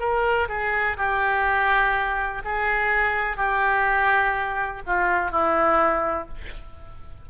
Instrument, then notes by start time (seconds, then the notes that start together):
oboe
0.00 A#4
0.49 G#4
0.97 G4
2.45 G#4
3.37 G4
4.87 F4
5.32 E4